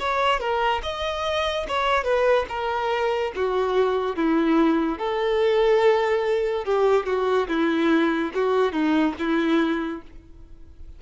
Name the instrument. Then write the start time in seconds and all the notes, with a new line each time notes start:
violin
0.00 C#5
0.40 A#4
0.83 D#5
1.68 C#5
2.04 B4
2.49 A#4
3.36 F#4
4.16 E4
4.99 A4
6.65 G4
7.06 F#4
7.48 E4
8.34 F#4
8.72 D#4
9.19 E4